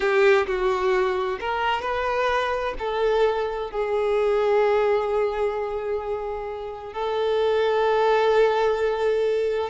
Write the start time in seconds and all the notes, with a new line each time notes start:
0.00 G4
0.47 F#4
1.40 A#4
1.81 B4
2.79 A4
3.70 G#4
6.93 A4